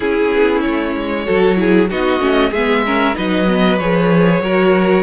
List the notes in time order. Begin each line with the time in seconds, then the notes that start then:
0.00 C#4 E4 G#4
0.32 B3
0.61 A3 C#5
0.95 G#3
1.25 F#3 F#4 A4
1.56 E4 G#4
1.90 B3 D#4 F#4 D#5
2.19 A3 C#4
2.50 G#3 G#4 E5
2.56 B3
2.86 C#4 A#4
3.14 F#3 D#4 B4 D#5
3.47 B3
3.78 F3 G#4 C#5
4.40 F#3 F#4 A#4